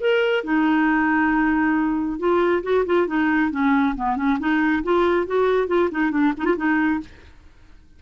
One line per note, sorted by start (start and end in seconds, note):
0.00 0.44 A#4
0.44 2.19 D#4
2.19 2.63 F4
2.63 2.85 F#4
2.85 3.07 F4
3.07 3.51 D#4
3.51 3.95 C#4
3.96 4.16 B3
4.16 4.38 C#4
4.39 4.83 D#4
4.83 5.26 F4
5.26 5.67 F#4
5.67 5.89 F4
5.91 6.11 D#4
6.11 6.33 D4
6.37 6.45 D#4
6.45 6.56 F4
6.56 7.00 D#4